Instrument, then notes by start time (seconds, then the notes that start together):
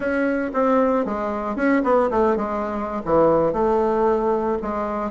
bassoon
0.00 C#4
0.53 C4
1.05 G#3
1.56 C#4
1.83 B3
2.10 A3
2.36 G#3
3.05 E3
3.52 A3
4.62 G#3